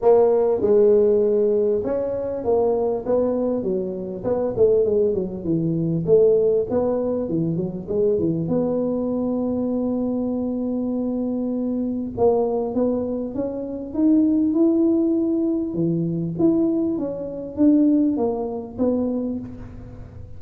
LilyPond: \new Staff \with { instrumentName = "tuba" } { \time 4/4 \tempo 4 = 99 ais4 gis2 cis'4 | ais4 b4 fis4 b8 a8 | gis8 fis8 e4 a4 b4 | e8 fis8 gis8 e8 b2~ |
b1 | ais4 b4 cis'4 dis'4 | e'2 e4 e'4 | cis'4 d'4 ais4 b4 | }